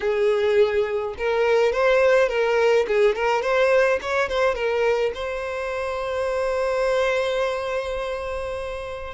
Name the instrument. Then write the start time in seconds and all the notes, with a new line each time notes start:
violin
0.00 G#4
1.17 A#4
1.72 C5
2.28 A#4
2.87 G#4
3.15 A#4
3.42 C5
4.01 C#5
4.29 C5
4.55 A#4
5.14 C5